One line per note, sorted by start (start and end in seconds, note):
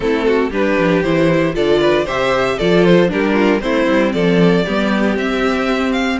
0.00 0.50 A3
0.00 0.51 C4
0.00 0.25 E4
0.00 0.51 A4
0.25 0.49 F#4
0.49 0.77 G3
0.49 1.04 D4
0.49 1.53 G4
0.49 1.03 B4
0.78 1.04 F3
1.03 1.54 E3
1.03 1.53 E4
1.03 1.54 C5
1.53 2.06 D3
1.53 2.05 F4
1.53 1.80 A4
1.53 2.07 D5
1.80 2.04 B4
2.04 2.59 C3
2.04 2.58 G4
2.04 2.56 C5
2.04 2.58 E5
2.57 3.11 F3
2.57 3.08 F4
2.57 3.09 A4
2.57 2.84 D5
2.84 3.10 C5
3.08 3.63 G3
3.08 3.59 D4
3.08 3.33 G4
3.08 3.60 A#4
3.33 3.59 F4
3.60 3.87 A3
3.60 4.63 C4
3.60 4.14 E4
3.60 4.12 C5
3.87 4.13 G3
4.12 4.65 F3
4.12 4.64 A4
4.12 5.16 D5
4.64 5.16 G3
4.64 5.18 B3
4.64 6.20 G4
5.16 6.19 C4
5.16 6.20 C4
5.16 5.92 E5
5.92 6.18 F5